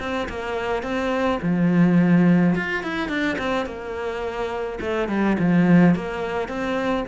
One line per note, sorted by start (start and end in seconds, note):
0.00 0.28 C4
0.29 0.83 A#3
0.83 1.40 C4
1.42 2.55 F3
2.56 2.84 F4
2.84 3.09 E4
3.09 3.37 D4
3.39 3.66 C4
3.66 4.80 A#3
4.81 5.09 A3
5.09 5.37 G3
5.40 5.96 F3
5.96 6.49 A#3
6.49 7.05 C4